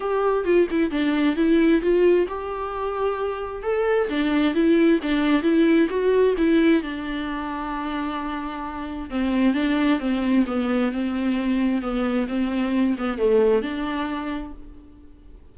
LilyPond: \new Staff \with { instrumentName = "viola" } { \time 4/4 \tempo 4 = 132 g'4 f'8 e'8 d'4 e'4 | f'4 g'2. | a'4 d'4 e'4 d'4 | e'4 fis'4 e'4 d'4~ |
d'1 | c'4 d'4 c'4 b4 | c'2 b4 c'4~ | c'8 b8 a4 d'2 | }